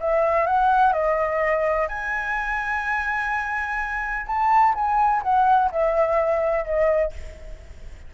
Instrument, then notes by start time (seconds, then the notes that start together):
flute
0.00 E5
0.46 F#5
0.92 D#5
1.88 G#5
4.26 A5
4.74 G#5
5.22 F#5
5.71 E5
6.64 D#5